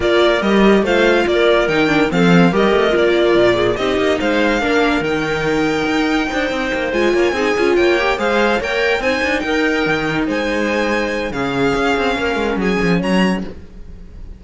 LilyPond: <<
  \new Staff \with { instrumentName = "violin" } { \time 4/4 \tempo 4 = 143 d''4 dis''4 f''4 d''4 | g''4 f''4 dis''4 d''4~ | d''4 dis''4 f''2 | g''1~ |
g''8 gis''2 g''4 f''8~ | f''8 g''4 gis''4 g''4.~ | g''8 gis''2~ gis''8 f''4~ | f''2 gis''4 ais''4 | }
  \new Staff \with { instrumentName = "clarinet" } { \time 4/4 ais'2 c''4 ais'4~ | ais'4 a'4 ais'2~ | ais'8 gis'8 g'4 c''4 ais'4~ | ais'2. c''4~ |
c''4 cis''8 gis'4 cis''4 c''8~ | c''8 cis''4 c''4 ais'4.~ | ais'8 c''2~ c''8 gis'4~ | gis'4 ais'4 gis'4 cis''4 | }
  \new Staff \with { instrumentName = "viola" } { \time 4/4 f'4 g'4 f'2 | dis'8 d'8 c'4 g'4 f'4~ | f'4 dis'2 d'4 | dis'1~ |
dis'8 f'4 dis'8 f'4 g'8 gis'8~ | gis'8 ais'4 dis'2~ dis'8~ | dis'2. cis'4~ | cis'1 | }
  \new Staff \with { instrumentName = "cello" } { \time 4/4 ais4 g4 a4 ais4 | dis4 f4 g8 a8 ais4 | ais,4 c'8 ais8 gis4 ais4 | dis2 dis'4 d'8 c'8 |
ais8 gis8 ais8 c'8 cis'8 ais4 gis8~ | gis8 ais4 c'8 d'8 dis'4 dis8~ | dis8 gis2~ gis8 cis4 | cis'8 c'8 ais8 gis8 fis8 f8 fis4 | }
>>